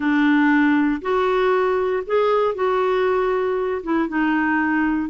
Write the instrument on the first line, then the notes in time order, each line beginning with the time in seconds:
clarinet
0.00 D4
1.01 F#4
2.06 G#4
2.54 F#4
3.83 E4
4.08 D#4